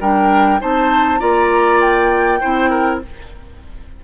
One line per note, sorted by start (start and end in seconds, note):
0.00 0.60 G3
0.00 0.59 D4
0.00 0.60 A#4
0.00 0.61 G5
0.59 1.21 C4
0.59 1.19 D#4
0.59 1.19 C5
0.59 1.20 A5
1.19 2.41 A#3
1.19 2.39 F4
1.19 2.39 D5
1.19 1.80 A#5
1.80 3.00 G5
2.40 3.04 C4
2.40 3.01 E4
2.40 2.70 C5
2.70 3.00 A#4